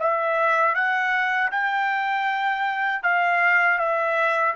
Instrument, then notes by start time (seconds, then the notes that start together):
trumpet
0.00 E5
0.75 F#5
1.52 G5
3.03 F5
3.79 E5